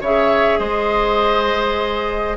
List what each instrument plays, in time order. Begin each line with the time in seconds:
0.00 bassoon C#3, clarinet G#4, oboe C#5, flute E5
0.58 bassoon G#3, oboe C5, flute D#5